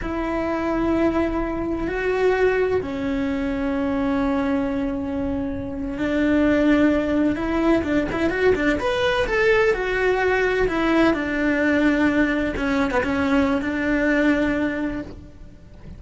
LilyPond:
\new Staff \with { instrumentName = "cello" } { \time 4/4 \tempo 4 = 128 e'1 | fis'2 cis'2~ | cis'1~ | cis'8. d'2. e'16~ |
e'8. d'8 e'8 fis'8 d'8 b'4 a'16~ | a'8. fis'2 e'4 d'16~ | d'2~ d'8. cis'8. b16 cis'16~ | cis'4 d'2. | }